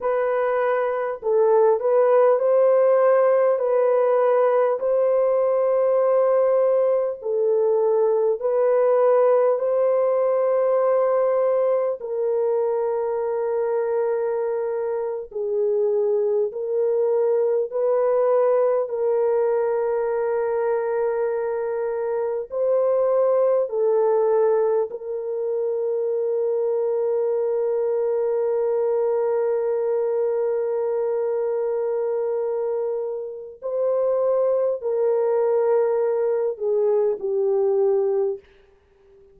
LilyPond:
\new Staff \with { instrumentName = "horn" } { \time 4/4 \tempo 4 = 50 b'4 a'8 b'8 c''4 b'4 | c''2 a'4 b'4 | c''2 ais'2~ | ais'8. gis'4 ais'4 b'4 ais'16~ |
ais'2~ ais'8. c''4 a'16~ | a'8. ais'2.~ ais'16~ | ais'1 | c''4 ais'4. gis'8 g'4 | }